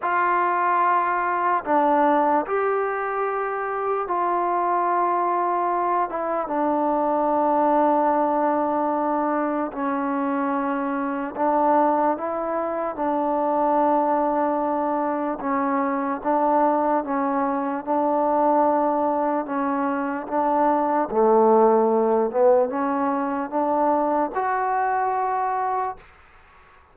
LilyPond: \new Staff \with { instrumentName = "trombone" } { \time 4/4 \tempo 4 = 74 f'2 d'4 g'4~ | g'4 f'2~ f'8 e'8 | d'1 | cis'2 d'4 e'4 |
d'2. cis'4 | d'4 cis'4 d'2 | cis'4 d'4 a4. b8 | cis'4 d'4 fis'2 | }